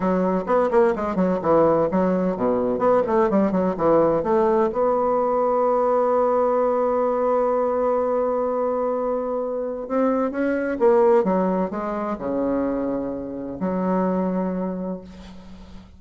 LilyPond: \new Staff \with { instrumentName = "bassoon" } { \time 4/4 \tempo 4 = 128 fis4 b8 ais8 gis8 fis8 e4 | fis4 b,4 b8 a8 g8 fis8 | e4 a4 b2~ | b1~ |
b1~ | b4 c'4 cis'4 ais4 | fis4 gis4 cis2~ | cis4 fis2. | }